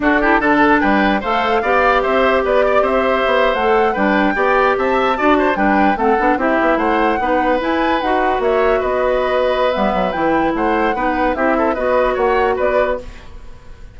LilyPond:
<<
  \new Staff \with { instrumentName = "flute" } { \time 4/4 \tempo 4 = 148 a'4 a''4 g''4 f''4~ | f''4 e''4 d''4 e''4~ | e''8. fis''4 g''2 a''16~ | a''4.~ a''16 g''4 fis''4 e''16~ |
e''8. fis''2 gis''4 fis''16~ | fis''8. e''4 dis''2~ dis''16 | e''4 g''4 fis''2 | e''4 dis''4 fis''4 d''4 | }
  \new Staff \with { instrumentName = "oboe" } { \time 4/4 fis'8 g'8 a'4 b'4 c''4 | d''4 c''4 b'8 d''8 c''4~ | c''4.~ c''16 b'4 d''4 e''16~ | e''8. d''8 c''8 b'4 a'4 g'16~ |
g'8. c''4 b'2~ b'16~ | b'8. cis''4 b'2~ b'16~ | b'2 c''4 b'4 | g'8 a'8 b'4 cis''4 b'4 | }
  \new Staff \with { instrumentName = "clarinet" } { \time 4/4 d'8 e'8 d'2 a'4 | g'1~ | g'8. a'4 d'4 g'4~ g'16~ | g'8. fis'4 d'4 c'8 d'8 e'16~ |
e'4.~ e'16 dis'4 e'4 fis'16~ | fis'1 | b4 e'2 dis'4 | e'4 fis'2. | }
  \new Staff \with { instrumentName = "bassoon" } { \time 4/4 d'4 d4 g4 a4 | b4 c'4 b4 c'4 | b8. a4 g4 b4 c'16~ | c'8. d'4 g4 a8 b8 c'16~ |
c'16 b8 a4 b4 e'4 dis'16~ | dis'8. ais4 b2~ b16 | g8 fis8 e4 a4 b4 | c'4 b4 ais4 b4 | }
>>